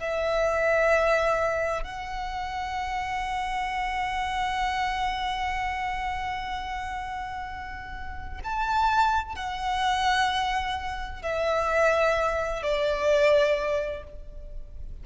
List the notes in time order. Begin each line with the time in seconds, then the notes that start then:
0.00 E5
1.84 F#5
8.44 A5
9.35 F#5
11.22 E5
12.63 D5